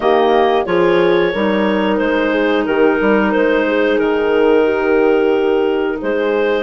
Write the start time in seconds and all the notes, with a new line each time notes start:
0.00 D#3 A#3 G4 D#5
0.65 F3 F4 G#4 C#5
1.32 G3 D#4 A#4
1.97 G#3 C5
2.32 G#4
2.65 D#3 G4 A#4
2.99 G3 A#4
3.31 G#3 C5
3.67 G#4
3.98 D#3 A#4
4.63 G4
6.01 G#3 G#4 C5